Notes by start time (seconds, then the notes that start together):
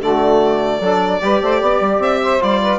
0.00 D3 A3 F#4 D5
0.79 F#3 D4 A4
1.21 G3 G4 B4
1.41 A3 C5
1.61 B3 D5
1.80 G3
1.98 C4 E5
2.22 C5
2.40 G3 F4 D5
2.61 B4